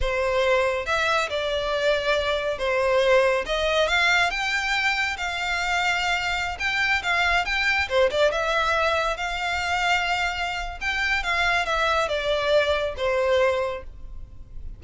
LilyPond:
\new Staff \with { instrumentName = "violin" } { \time 4/4 \tempo 4 = 139 c''2 e''4 d''4~ | d''2 c''2 | dis''4 f''4 g''2 | f''2.~ f''16 g''8.~ |
g''16 f''4 g''4 c''8 d''8 e''8.~ | e''4~ e''16 f''2~ f''8.~ | f''4 g''4 f''4 e''4 | d''2 c''2 | }